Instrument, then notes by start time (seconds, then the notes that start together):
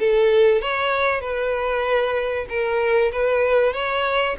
violin
0.00 A4
0.62 C#5
1.21 B4
2.50 A#4
3.13 B4
3.74 C#5